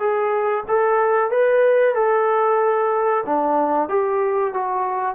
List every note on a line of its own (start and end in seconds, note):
0.00 0.65 G#4
0.69 1.31 A4
1.31 1.96 B4
1.96 3.25 A4
3.26 3.89 D4
3.89 4.54 G4
4.54 5.16 F#4